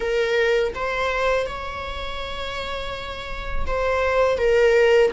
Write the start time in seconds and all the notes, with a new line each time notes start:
0.00 A#4
0.75 C5
1.46 C#5
3.66 C5
4.38 A#4